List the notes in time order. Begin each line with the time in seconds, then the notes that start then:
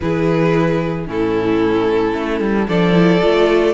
0.00 E3 E4 G#4 B4
1.06 A2 C#4 E4 A4
2.13 A3
2.40 G3
2.68 F3 D4 A4 D5
2.93 E4
3.22 A3 F4